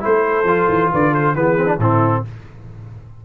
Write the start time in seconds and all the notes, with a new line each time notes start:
0.00 A3 E4 A4 C5
0.43 F3 F4
0.68 E3
0.92 D3 B4 D5
1.10 A4 C5
1.35 E3 B3 G#4 B4
1.57 C4
1.66 D4
1.78 A2 C4 E4 A4